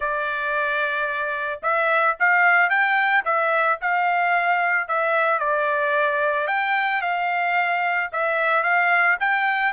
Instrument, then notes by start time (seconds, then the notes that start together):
trumpet
0.00 D5
1.62 E5
2.19 F5
2.69 G5
3.24 E5
3.81 F5
4.88 E5
5.39 D5
6.47 G5
7.01 F5
8.12 E5
8.63 F5
9.19 G5